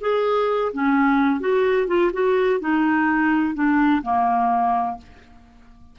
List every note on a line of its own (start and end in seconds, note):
0.00 0.71 G#4
0.72 1.40 C#4
1.40 1.87 F#4
1.87 2.11 F4
2.12 2.60 F#4
2.60 3.54 D#4
3.54 4.02 D4
4.02 4.97 A#3